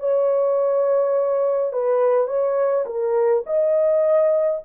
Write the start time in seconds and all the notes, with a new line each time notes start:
0.00 C#5
1.73 B4
2.28 C#5
2.86 A#4
3.47 D#5